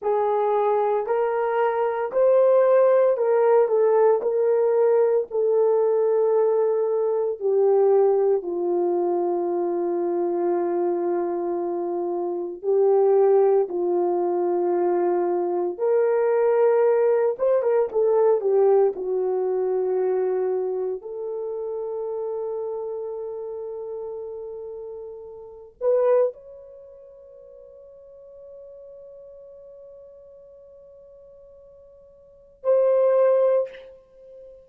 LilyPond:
\new Staff \with { instrumentName = "horn" } { \time 4/4 \tempo 4 = 57 gis'4 ais'4 c''4 ais'8 a'8 | ais'4 a'2 g'4 | f'1 | g'4 f'2 ais'4~ |
ais'8 c''16 ais'16 a'8 g'8 fis'2 | a'1~ | a'8 b'8 cis''2.~ | cis''2. c''4 | }